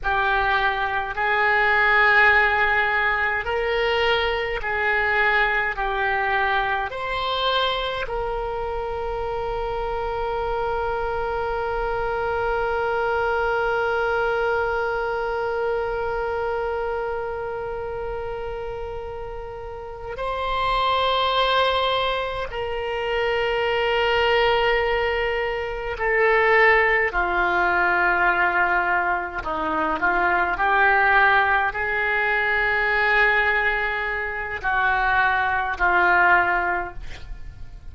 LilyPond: \new Staff \with { instrumentName = "oboe" } { \time 4/4 \tempo 4 = 52 g'4 gis'2 ais'4 | gis'4 g'4 c''4 ais'4~ | ais'1~ | ais'1~ |
ais'4. c''2 ais'8~ | ais'2~ ais'8 a'4 f'8~ | f'4. dis'8 f'8 g'4 gis'8~ | gis'2 fis'4 f'4 | }